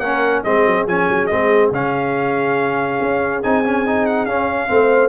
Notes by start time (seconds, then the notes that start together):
0.00 A#3 C#4 A#4 F#5
0.44 G#3 C4 G#4 D#5
0.66 F#3
0.87 F3 C#4 G#5
1.10 F#3
1.27 G#3 C4 D#5
1.71 C#3 C#4 F5
3.01 C#4
3.43 C4 D#4 G#5
3.65 C#4
3.86 D#4
4.06 F#5
4.26 C#4 F5
4.68 A3 C4 C5